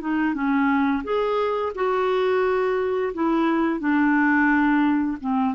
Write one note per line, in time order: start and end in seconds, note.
0.00 0.34 D#4
0.34 1.03 C#4
1.03 1.72 G#4
1.75 3.13 F#4
3.13 3.79 E4
3.79 5.17 D4
5.20 5.54 C4